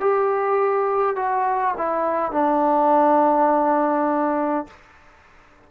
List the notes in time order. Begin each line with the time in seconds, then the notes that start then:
0.00 G4
1.16 F#4
1.77 E4
2.32 D4